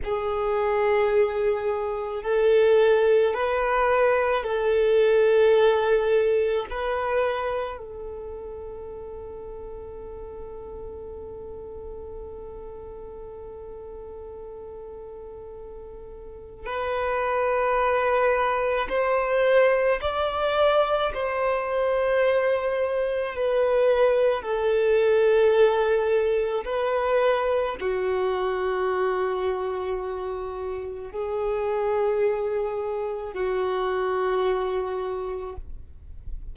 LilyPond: \new Staff \with { instrumentName = "violin" } { \time 4/4 \tempo 4 = 54 gis'2 a'4 b'4 | a'2 b'4 a'4~ | a'1~ | a'2. b'4~ |
b'4 c''4 d''4 c''4~ | c''4 b'4 a'2 | b'4 fis'2. | gis'2 fis'2 | }